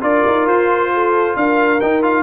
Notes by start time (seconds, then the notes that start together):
0.00 D4 F4 A#4 D5
0.26 D#4
0.45 F4 C5
0.93 A4
1.36 D4 A#4 F5
1.80 D#4 G5
2.02 F4 F5